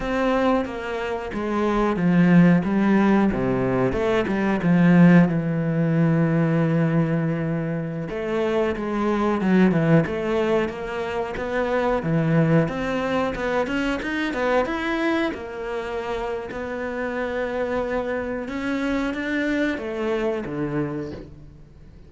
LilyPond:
\new Staff \with { instrumentName = "cello" } { \time 4/4 \tempo 4 = 91 c'4 ais4 gis4 f4 | g4 c4 a8 g8 f4 | e1~ | e16 a4 gis4 fis8 e8 a8.~ |
a16 ais4 b4 e4 c'8.~ | c'16 b8 cis'8 dis'8 b8 e'4 ais8.~ | ais4 b2. | cis'4 d'4 a4 d4 | }